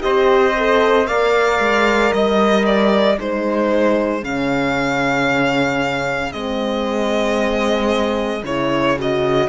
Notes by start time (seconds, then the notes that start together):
0.00 C4 G4 C5 D#5
0.57 A4
1.07 A#3 A#4 D5 F5
1.59 G#3
2.12 G3 D#5
2.66 D5
3.18 G#3 D#4 G#4 C5
4.23 C#3 C#4 F5
6.32 G#3 C4 D#5
8.43 C#3 E4 C#5
8.97 F#4 D#5